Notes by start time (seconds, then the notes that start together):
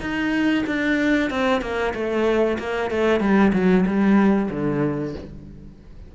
0.00 D#4
0.66 D4
1.30 C4
1.61 A#3
1.94 A3
2.59 A#3
2.90 A3
3.20 G3
3.53 F#3
3.86 G3
4.50 D3